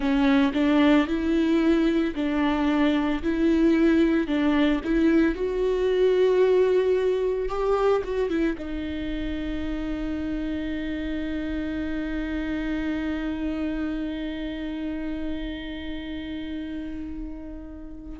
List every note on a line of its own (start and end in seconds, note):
0.00 0.52 C#4
0.54 1.07 D4
1.07 2.14 E4
2.15 3.22 D4
3.22 4.27 E4
4.27 4.80 D4
4.84 5.35 E4
5.35 7.49 F#4
7.49 8.02 G4
8.04 8.29 F#4
8.29 8.56 E4
8.58 18.19 D#4